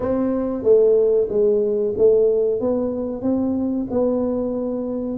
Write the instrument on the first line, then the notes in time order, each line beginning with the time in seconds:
tuba
0.00 C4
0.63 A3
1.29 G#3
1.97 A3
2.60 B3
3.22 C4
3.90 B3